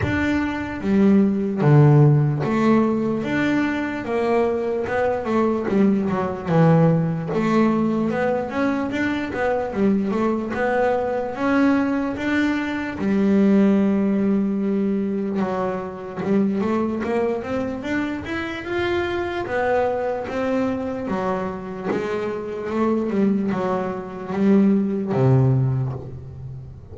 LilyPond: \new Staff \with { instrumentName = "double bass" } { \time 4/4 \tempo 4 = 74 d'4 g4 d4 a4 | d'4 ais4 b8 a8 g8 fis8 | e4 a4 b8 cis'8 d'8 b8 | g8 a8 b4 cis'4 d'4 |
g2. fis4 | g8 a8 ais8 c'8 d'8 e'8 f'4 | b4 c'4 fis4 gis4 | a8 g8 fis4 g4 c4 | }